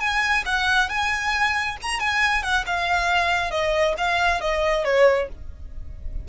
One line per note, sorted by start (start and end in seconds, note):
0.00 0.44 G#5
0.46 0.89 F#5
0.89 1.77 G#5
1.82 2.00 A#5
2.00 2.43 G#5
2.43 2.65 F#5
2.66 3.51 F5
3.51 3.95 D#5
3.98 4.41 F5
4.41 4.85 D#5
4.85 5.28 C#5